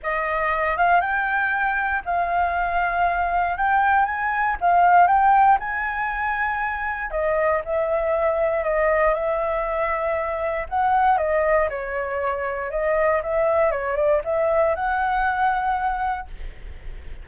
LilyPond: \new Staff \with { instrumentName = "flute" } { \time 4/4 \tempo 4 = 118 dis''4. f''8 g''2 | f''2. g''4 | gis''4 f''4 g''4 gis''4~ | gis''2 dis''4 e''4~ |
e''4 dis''4 e''2~ | e''4 fis''4 dis''4 cis''4~ | cis''4 dis''4 e''4 cis''8 d''8 | e''4 fis''2. | }